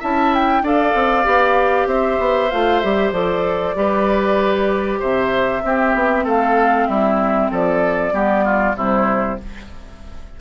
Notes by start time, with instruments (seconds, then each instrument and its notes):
0.00 bassoon C#4, clarinet E4, oboe E5, flute A5
0.35 flute G5
0.63 bassoon D4, clarinet A4, oboe D5, flute F5
0.95 bassoon C4
1.25 bassoon B3, clarinet G4
1.87 bassoon C4, oboe C5, flute E5
2.20 bassoon B3
2.51 bassoon A3, clarinet F4, flute F5
2.80 bassoon G3, clarinet G4, flute E5
3.12 bassoon F3, clarinet A4, flute D5
3.76 bassoon G3, clarinet G4, oboe B4
5.00 bassoon C3, oboe C5, flute E5
5.64 bassoon C4, clarinet C4, oboe G4
5.95 bassoon B3
6.25 bassoon A3, oboe A4, flute F5
6.88 bassoon G3, oboe E4, flute E5
7.52 bassoon F3, oboe A4, flute D5
8.13 bassoon G3, clarinet B3, oboe G4
8.45 oboe F4
8.76 bassoon C3, clarinet G3, oboe E4, flute C5